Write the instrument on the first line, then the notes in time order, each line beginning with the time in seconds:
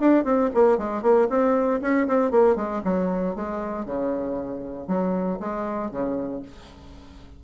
bassoon
0.00 D4
0.24 C4
0.54 A#3
0.78 G#3
1.02 A#3
1.30 C4
1.81 C#4
2.07 C4
2.31 A#3
2.56 G#3
2.84 F#3
3.35 G#3
3.86 C#3
4.87 F#3
5.40 G#3
5.91 C#3